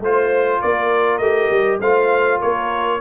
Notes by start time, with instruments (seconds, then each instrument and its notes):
0.00 tuba A3, trombone F4, trumpet C5, horn C5
0.61 tuba A#3, horn A#4, trumpet D5
1.18 tuba A3, trombone G4, trumpet D#5
1.50 tuba G3
1.79 tuba A3, trombone F4, horn C5, trumpet F5
2.38 tuba A#3, horn A#4, trumpet C#5